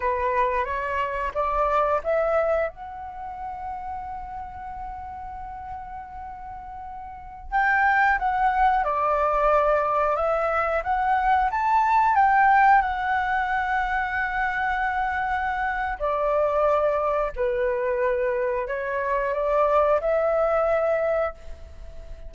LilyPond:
\new Staff \with { instrumentName = "flute" } { \time 4/4 \tempo 4 = 90 b'4 cis''4 d''4 e''4 | fis''1~ | fis''2.~ fis''16 g''8.~ | g''16 fis''4 d''2 e''8.~ |
e''16 fis''4 a''4 g''4 fis''8.~ | fis''1 | d''2 b'2 | cis''4 d''4 e''2 | }